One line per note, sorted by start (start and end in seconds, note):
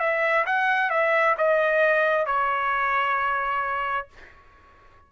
0.00 0.45 E5
0.46 0.90 F#5
0.90 1.36 E5
1.38 2.26 D#5
2.26 4.08 C#5